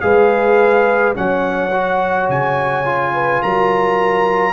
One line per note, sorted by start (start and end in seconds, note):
0.00 1.16 G#3
0.00 1.14 G#4
0.00 1.16 B4
0.00 1.13 F5
1.14 2.29 F#3
1.14 1.71 C#4
1.14 3.14 C#5
1.14 2.29 F#5
1.71 2.84 F#4
2.29 3.42 C#3
2.29 3.42 G#5
2.84 4.52 F4
3.14 3.42 B4
3.42 4.52 F#3
3.42 4.52 A#4
3.42 4.52 A#5